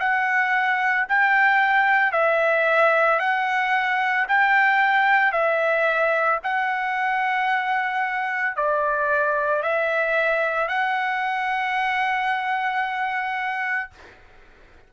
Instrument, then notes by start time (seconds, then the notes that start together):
trumpet
0.00 F#5
1.09 G5
2.12 E5
3.20 F#5
4.29 G5
5.33 E5
6.44 F#5
8.57 D5
9.63 E5
10.69 F#5